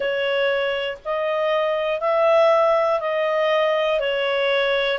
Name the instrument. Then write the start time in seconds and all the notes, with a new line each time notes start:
clarinet
0.00 C#5
1.05 D#5
2.00 E5
3.00 D#5
4.00 C#5